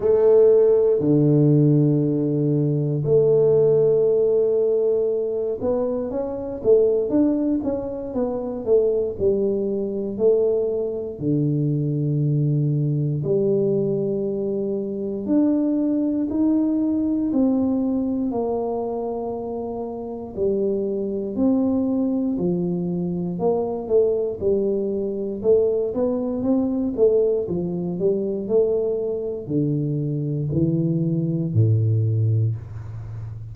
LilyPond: \new Staff \with { instrumentName = "tuba" } { \time 4/4 \tempo 4 = 59 a4 d2 a4~ | a4. b8 cis'8 a8 d'8 cis'8 | b8 a8 g4 a4 d4~ | d4 g2 d'4 |
dis'4 c'4 ais2 | g4 c'4 f4 ais8 a8 | g4 a8 b8 c'8 a8 f8 g8 | a4 d4 e4 a,4 | }